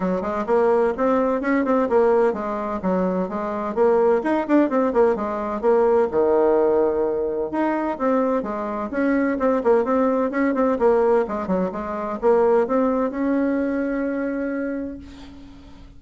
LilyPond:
\new Staff \with { instrumentName = "bassoon" } { \time 4/4 \tempo 4 = 128 fis8 gis8 ais4 c'4 cis'8 c'8 | ais4 gis4 fis4 gis4 | ais4 dis'8 d'8 c'8 ais8 gis4 | ais4 dis2. |
dis'4 c'4 gis4 cis'4 | c'8 ais8 c'4 cis'8 c'8 ais4 | gis8 fis8 gis4 ais4 c'4 | cis'1 | }